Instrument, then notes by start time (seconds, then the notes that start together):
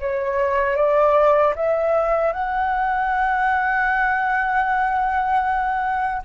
flute
0.00 C#5
0.76 D5
1.55 E5
2.32 F#5